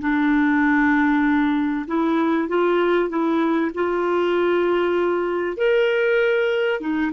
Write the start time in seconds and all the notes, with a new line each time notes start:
0.00 D4
1.87 E4
2.48 F4
3.09 E4
3.74 F4
5.56 A#4
6.80 D#4